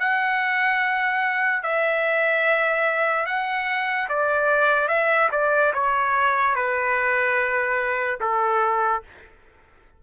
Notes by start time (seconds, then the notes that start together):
0.00 F#5
1.63 E5
3.26 F#5
4.09 D5
4.89 E5
5.32 D5
5.74 C#5
6.56 B4
8.21 A4